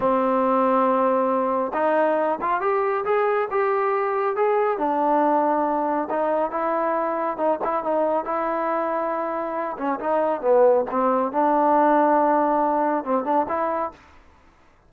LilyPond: \new Staff \with { instrumentName = "trombone" } { \time 4/4 \tempo 4 = 138 c'1 | dis'4. f'8 g'4 gis'4 | g'2 gis'4 d'4~ | d'2 dis'4 e'4~ |
e'4 dis'8 e'8 dis'4 e'4~ | e'2~ e'8 cis'8 dis'4 | b4 c'4 d'2~ | d'2 c'8 d'8 e'4 | }